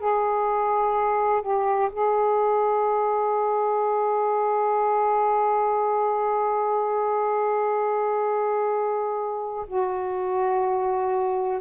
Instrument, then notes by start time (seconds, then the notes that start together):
saxophone
0.00 G#4
1.42 G4
1.93 G#4
9.68 F#4